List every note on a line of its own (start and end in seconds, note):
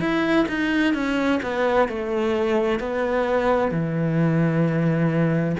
0.00 0.46 E4
0.48 0.94 D#4
0.94 1.40 C#4
1.43 1.88 B3
1.88 2.80 A3
2.80 3.71 B3
3.71 5.56 E3